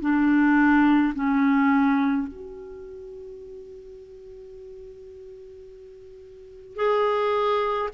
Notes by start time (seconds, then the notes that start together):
0.00 D4
1.15 C#4
2.27 F#4
6.76 G#4